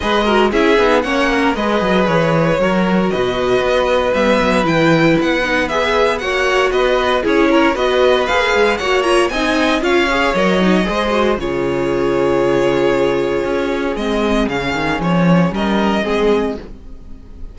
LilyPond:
<<
  \new Staff \with { instrumentName = "violin" } { \time 4/4 \tempo 4 = 116 dis''4 e''4 fis''4 dis''4 | cis''2 dis''2 | e''4 g''4 fis''4 e''4 | fis''4 dis''4 cis''4 dis''4 |
f''4 fis''8 ais''8 gis''4 f''4 | dis''2 cis''2~ | cis''2. dis''4 | f''4 cis''4 dis''2 | }
  \new Staff \with { instrumentName = "violin" } { \time 4/4 b'8 ais'8 gis'4 cis''8 ais'8 b'4~ | b'4 ais'4 b'2~ | b'1 | cis''4 b'4 gis'8 ais'8 b'4~ |
b'4 cis''4 dis''4 cis''4~ | cis''4 c''4 gis'2~ | gis'1~ | gis'2 ais'4 gis'4 | }
  \new Staff \with { instrumentName = "viola" } { \time 4/4 gis'8 fis'8 e'8 dis'8 cis'4 gis'4~ | gis'4 fis'2. | b4 e'4. dis'8 gis'4 | fis'2 e'4 fis'4 |
gis'4 fis'8 f'8 dis'4 f'8 gis'8 | ais'8 dis'8 gis'8 fis'8 f'2~ | f'2. c'4 | cis'2. c'4 | }
  \new Staff \with { instrumentName = "cello" } { \time 4/4 gis4 cis'8 b8 ais4 gis8 fis8 | e4 fis4 b,4 b4 | g8 fis8 e4 b2 | ais4 b4 cis'4 b4 |
ais8 gis8 ais4 c'4 cis'4 | fis4 gis4 cis2~ | cis2 cis'4 gis4 | cis8 dis8 f4 g4 gis4 | }
>>